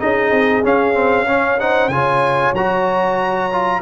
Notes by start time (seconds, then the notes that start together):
0.00 C#4 D#4 G#4 D#5
0.31 C4
0.64 C#4 F5
0.94 C4
1.27 C#4 C#5
1.60 D#4 C5 F#5
1.89 C#3 F4 G#5
1.95 C#5
2.54 F#3 F#4 A#5
3.52 F4